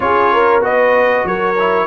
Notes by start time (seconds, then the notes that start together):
0.00 C#4 F4 G#4 C#5
0.33 A#4
0.61 B3 F#4 B4 D#5
1.24 F#3 A#4 C#5
1.59 E4